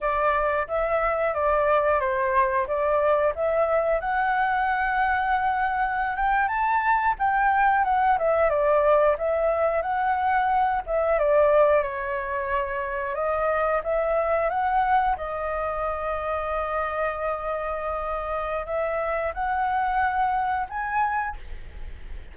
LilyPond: \new Staff \with { instrumentName = "flute" } { \time 4/4 \tempo 4 = 90 d''4 e''4 d''4 c''4 | d''4 e''4 fis''2~ | fis''4~ fis''16 g''8 a''4 g''4 fis''16~ | fis''16 e''8 d''4 e''4 fis''4~ fis''16~ |
fis''16 e''8 d''4 cis''2 dis''16~ | dis''8. e''4 fis''4 dis''4~ dis''16~ | dis''1 | e''4 fis''2 gis''4 | }